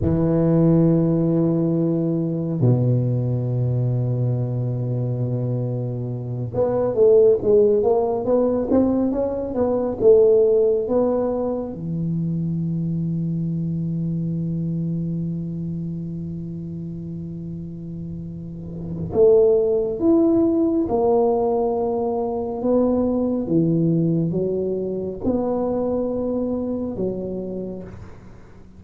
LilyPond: \new Staff \with { instrumentName = "tuba" } { \time 4/4 \tempo 4 = 69 e2. b,4~ | b,2.~ b,8 b8 | a8 gis8 ais8 b8 c'8 cis'8 b8 a8~ | a8 b4 e2~ e8~ |
e1~ | e2 a4 e'4 | ais2 b4 e4 | fis4 b2 fis4 | }